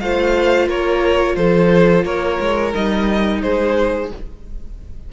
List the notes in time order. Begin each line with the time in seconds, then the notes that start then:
0.00 A3 F4 C5 F5
0.68 A#3 A#4 C#5
1.36 F3 A4 C5
2.04 A#3 A#4 C#5
2.40 G#3
2.73 G3 D#4 D#5
3.42 G#3 G#4 C5